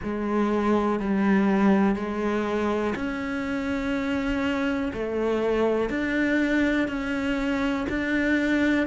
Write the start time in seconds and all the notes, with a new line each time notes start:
0.03 G#3
0.99 G3
1.95 G#3
2.95 C#4
4.93 A3
5.89 D4
6.88 C#4
7.89 D4